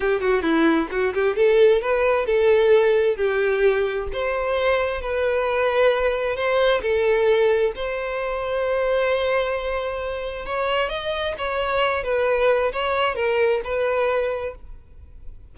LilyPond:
\new Staff \with { instrumentName = "violin" } { \time 4/4 \tempo 4 = 132 g'8 fis'8 e'4 fis'8 g'8 a'4 | b'4 a'2 g'4~ | g'4 c''2 b'4~ | b'2 c''4 a'4~ |
a'4 c''2.~ | c''2. cis''4 | dis''4 cis''4. b'4. | cis''4 ais'4 b'2 | }